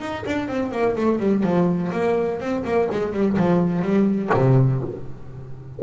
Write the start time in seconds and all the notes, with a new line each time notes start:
0.00 D#4
0.26 D4
0.48 C4
0.71 A#3
0.96 A3
1.19 G3
1.43 F3
1.92 A#3
2.40 C4
2.64 A#3
2.91 G#3
3.13 G3
3.37 F3
3.82 G3
4.34 C3